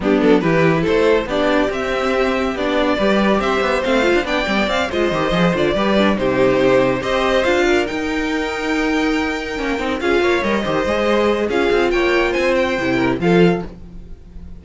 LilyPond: <<
  \new Staff \with { instrumentName = "violin" } { \time 4/4 \tempo 4 = 141 g'8 a'8 b'4 c''4 d''4 | e''2 d''2 | e''4 f''4 g''4 f''8 dis''8~ | dis''4 d''4. c''4.~ |
c''8 dis''4 f''4 g''4.~ | g''2.~ g''8 f''8~ | f''8 dis''2~ dis''8 f''4 | g''4 gis''8 g''4. f''4 | }
  \new Staff \with { instrumentName = "violin" } { \time 4/4 d'4 g'4 a'4 g'4~ | g'2. b'4 | c''2 d''4. c''8~ | c''4. b'4 g'4.~ |
g'8 c''4. ais'2~ | ais'2.~ ais'8 gis'8 | cis''4 c''2 gis'4 | cis''4 c''4. ais'8 a'4 | }
  \new Staff \with { instrumentName = "viola" } { \time 4/4 b4 e'2 d'4 | c'2 d'4 g'4~ | g'4 c'8 f'8 d'8 c'16 b16 c'8 f'8 | g'8 gis'8 f'8 g'8 d'8 dis'4.~ |
dis'8 g'4 f'4 dis'4.~ | dis'2~ dis'8 cis'8 dis'8 f'8~ | f'8 ais'8 g'8 gis'4. f'4~ | f'2 e'4 f'4 | }
  \new Staff \with { instrumentName = "cello" } { \time 4/4 g8 fis8 e4 a4 b4 | c'2 b4 g4 | c'8 b8 a8. d'16 b8 g8 c'8 gis8 | dis8 f8 d8 g4 c4.~ |
c8 c'4 d'4 dis'4.~ | dis'2~ dis'8 ais8 c'8 cis'8 | ais8 g8 dis8 gis4. cis'8 c'8 | ais4 c'4 c4 f4 | }
>>